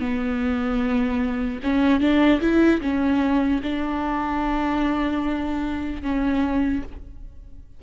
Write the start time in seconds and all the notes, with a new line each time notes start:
0.00 B3
1.63 C#4
2.01 D4
2.41 E4
2.81 C#4
3.63 D4
6.03 C#4